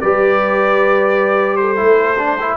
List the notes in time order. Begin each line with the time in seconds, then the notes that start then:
0.00 G3 G4 B4 D5
1.56 A4 C5
1.76 A3 E4
2.18 D4
2.40 E4